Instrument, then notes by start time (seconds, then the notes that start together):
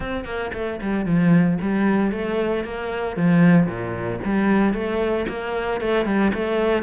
cello
0.00 C4
0.25 A#3
0.53 A3
0.81 G3
1.05 F3
1.61 G3
2.11 A3
2.64 A#3
3.16 F3
3.66 A#2
4.24 G3
4.73 A3
5.28 A#3
5.80 A3
6.05 G3
6.33 A3